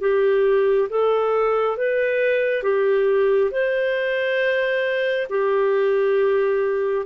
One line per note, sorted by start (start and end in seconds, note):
0.00 0.88 G4
0.89 1.77 A4
1.77 2.63 B4
2.63 3.51 G4
3.51 5.27 C5
5.29 7.06 G4